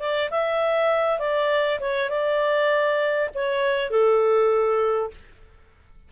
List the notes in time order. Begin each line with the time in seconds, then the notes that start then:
0.00 D5
0.31 E5
1.19 D5
1.80 C#5
2.10 D5
3.35 C#5
3.91 A4